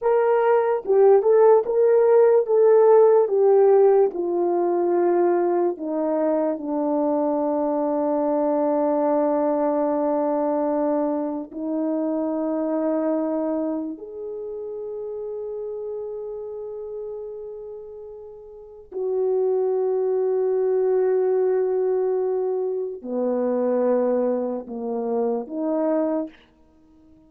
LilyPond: \new Staff \with { instrumentName = "horn" } { \time 4/4 \tempo 4 = 73 ais'4 g'8 a'8 ais'4 a'4 | g'4 f'2 dis'4 | d'1~ | d'2 dis'2~ |
dis'4 gis'2.~ | gis'2. fis'4~ | fis'1 | b2 ais4 dis'4 | }